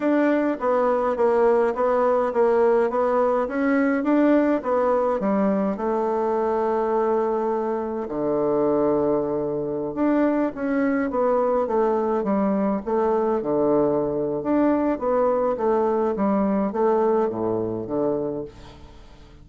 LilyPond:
\new Staff \with { instrumentName = "bassoon" } { \time 4/4 \tempo 4 = 104 d'4 b4 ais4 b4 | ais4 b4 cis'4 d'4 | b4 g4 a2~ | a2 d2~ |
d4~ d16 d'4 cis'4 b8.~ | b16 a4 g4 a4 d8.~ | d4 d'4 b4 a4 | g4 a4 a,4 d4 | }